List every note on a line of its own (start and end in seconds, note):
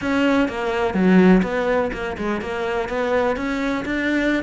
0.01 0.48 C#4
0.48 0.94 A#3
0.94 1.42 F#3
1.43 1.91 B3
1.92 2.16 A#3
2.17 2.41 G#3
2.41 2.88 A#3
2.88 3.36 B3
3.36 3.84 C#4
3.85 4.43 D4